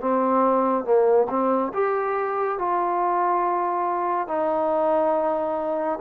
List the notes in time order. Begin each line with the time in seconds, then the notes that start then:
0.00 C4
0.84 A#3
1.29 C4
1.73 G4
2.58 F4
4.27 D#4